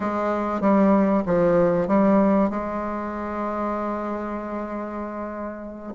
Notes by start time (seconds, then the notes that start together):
0.00 G#3
0.61 G3
1.26 F3
1.87 G3
2.50 G#3